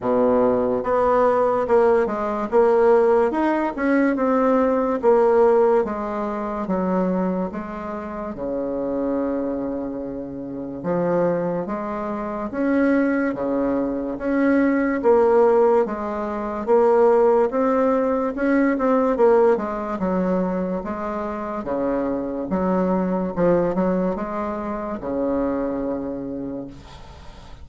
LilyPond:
\new Staff \with { instrumentName = "bassoon" } { \time 4/4 \tempo 4 = 72 b,4 b4 ais8 gis8 ais4 | dis'8 cis'8 c'4 ais4 gis4 | fis4 gis4 cis2~ | cis4 f4 gis4 cis'4 |
cis4 cis'4 ais4 gis4 | ais4 c'4 cis'8 c'8 ais8 gis8 | fis4 gis4 cis4 fis4 | f8 fis8 gis4 cis2 | }